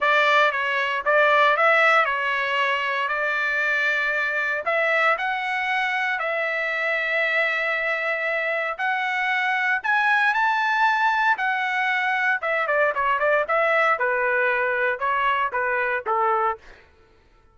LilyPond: \new Staff \with { instrumentName = "trumpet" } { \time 4/4 \tempo 4 = 116 d''4 cis''4 d''4 e''4 | cis''2 d''2~ | d''4 e''4 fis''2 | e''1~ |
e''4 fis''2 gis''4 | a''2 fis''2 | e''8 d''8 cis''8 d''8 e''4 b'4~ | b'4 cis''4 b'4 a'4 | }